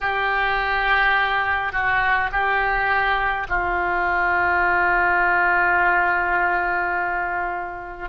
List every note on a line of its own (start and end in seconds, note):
0.01 1.72 G4
1.72 2.30 F#4
2.31 3.47 G4
3.48 8.09 F4